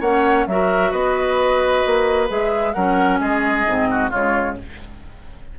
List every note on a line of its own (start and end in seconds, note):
0.00 0.46 A#3
0.00 0.49 C#4
0.00 0.45 C#5
0.00 0.47 F#5
0.47 0.92 F#3
0.47 2.28 F#4
0.47 0.91 A#4
0.47 0.92 E5
0.91 1.84 B3
0.91 2.72 B4
0.91 2.28 D#5
1.86 2.30 A#3
2.28 2.75 G#3
2.28 2.73 G#4
2.28 2.73 E5
2.73 3.20 F#3
2.73 3.68 C#4
2.73 3.20 A#4
2.73 3.19 F#5
3.20 3.66 G#3
3.20 3.88 G#4
3.20 4.11 D#5
3.67 4.12 G#2
3.67 4.11 C4
3.90 4.10 F#4
4.10 4.59 C#3
4.10 4.56 G#3
4.10 4.55 F4
4.10 4.57 C#5